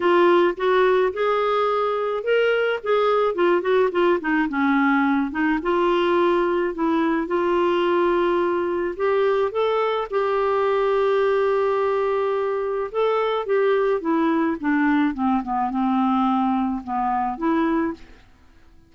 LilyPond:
\new Staff \with { instrumentName = "clarinet" } { \time 4/4 \tempo 4 = 107 f'4 fis'4 gis'2 | ais'4 gis'4 f'8 fis'8 f'8 dis'8 | cis'4. dis'8 f'2 | e'4 f'2. |
g'4 a'4 g'2~ | g'2. a'4 | g'4 e'4 d'4 c'8 b8 | c'2 b4 e'4 | }